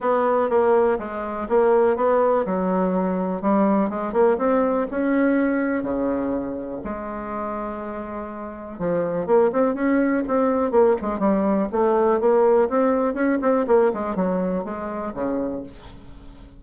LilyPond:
\new Staff \with { instrumentName = "bassoon" } { \time 4/4 \tempo 4 = 123 b4 ais4 gis4 ais4 | b4 fis2 g4 | gis8 ais8 c'4 cis'2 | cis2 gis2~ |
gis2 f4 ais8 c'8 | cis'4 c'4 ais8 gis8 g4 | a4 ais4 c'4 cis'8 c'8 | ais8 gis8 fis4 gis4 cis4 | }